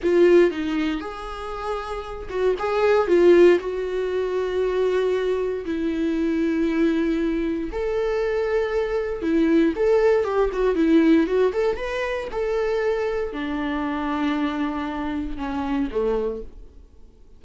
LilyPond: \new Staff \with { instrumentName = "viola" } { \time 4/4 \tempo 4 = 117 f'4 dis'4 gis'2~ | gis'8 fis'8 gis'4 f'4 fis'4~ | fis'2. e'4~ | e'2. a'4~ |
a'2 e'4 a'4 | g'8 fis'8 e'4 fis'8 a'8 b'4 | a'2 d'2~ | d'2 cis'4 a4 | }